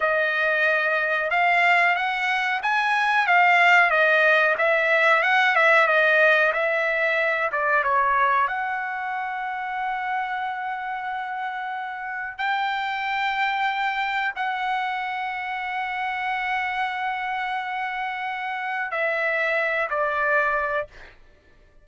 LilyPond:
\new Staff \with { instrumentName = "trumpet" } { \time 4/4 \tempo 4 = 92 dis''2 f''4 fis''4 | gis''4 f''4 dis''4 e''4 | fis''8 e''8 dis''4 e''4. d''8 | cis''4 fis''2.~ |
fis''2. g''4~ | g''2 fis''2~ | fis''1~ | fis''4 e''4. d''4. | }